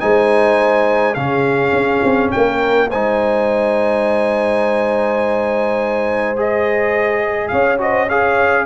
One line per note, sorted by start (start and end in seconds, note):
0.00 1.16 G#3
0.00 1.16 D#4
0.00 1.17 C5
0.00 1.14 G#5
1.14 1.72 C#3
1.14 2.90 C#4
1.14 2.33 G#4
1.14 2.30 F5
1.72 2.01 C#4
2.04 2.32 C4
2.31 2.93 A#3
2.31 2.89 A#4
2.31 2.89 G5
2.89 7.52 G#3
2.89 6.36 D#4
2.89 7.50 C5
2.89 6.37 G#5
6.36 7.78 G#4
6.36 7.48 D#5
7.48 8.66 C#4
7.48 7.80 C#5
7.48 7.77 F5
7.78 8.07 F#4
7.78 8.08 C5
7.78 8.09 D#5
8.08 8.66 G#4
8.08 8.65 C#5
8.08 8.66 F5